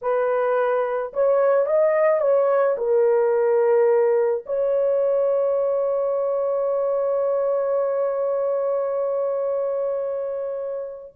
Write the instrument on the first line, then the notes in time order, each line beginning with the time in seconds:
horn
0.01 B4
1.13 C#5
1.65 D#5
2.20 C#5
2.77 A#4
4.46 C#5